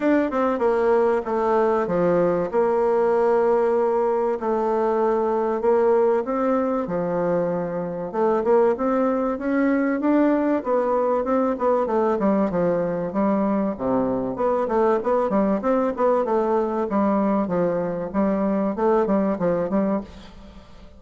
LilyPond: \new Staff \with { instrumentName = "bassoon" } { \time 4/4 \tempo 4 = 96 d'8 c'8 ais4 a4 f4 | ais2. a4~ | a4 ais4 c'4 f4~ | f4 a8 ais8 c'4 cis'4 |
d'4 b4 c'8 b8 a8 g8 | f4 g4 c4 b8 a8 | b8 g8 c'8 b8 a4 g4 | f4 g4 a8 g8 f8 g8 | }